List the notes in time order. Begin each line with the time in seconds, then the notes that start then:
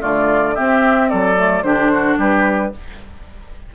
0.00 D3 A3 F4 D5
0.55 C4 G4 E5
1.09 F#3 A4 D5
1.37 A3
1.63 D3 D4 G4 C5
1.93 F#4
2.18 G3 G4 B4